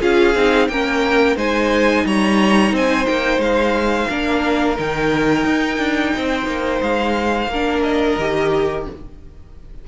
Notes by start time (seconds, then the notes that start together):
0.00 C#4 F4 G#4 F5
0.35 C4 D#4
0.68 A#3 C#4 A#4 G5
1.36 G#3 D#4 C5 G#5
2.05 G3 C#5 A#5
2.72 C4 C5 G#5
3.07 A#3 G5
3.38 G#3 F5
4.09 A#3 D4 A#4
4.76 D#3 D#4 G5
5.44 D#4
5.78 D4
6.16 C4 C5
6.47 A#3
6.82 G#3 F5
7.47 A#3 A#4
7.54 D4
7.82 D#5
8.18 D#3 G4